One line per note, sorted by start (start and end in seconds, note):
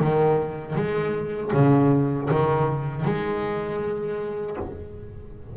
0.00 0.76 D#3
0.76 1.52 G#3
1.54 2.30 C#3
2.31 3.05 D#3
3.05 4.57 G#3